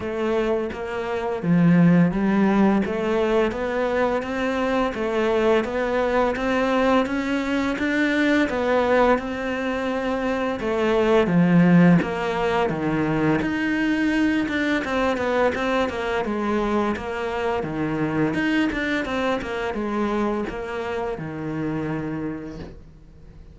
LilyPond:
\new Staff \with { instrumentName = "cello" } { \time 4/4 \tempo 4 = 85 a4 ais4 f4 g4 | a4 b4 c'4 a4 | b4 c'4 cis'4 d'4 | b4 c'2 a4 |
f4 ais4 dis4 dis'4~ | dis'8 d'8 c'8 b8 c'8 ais8 gis4 | ais4 dis4 dis'8 d'8 c'8 ais8 | gis4 ais4 dis2 | }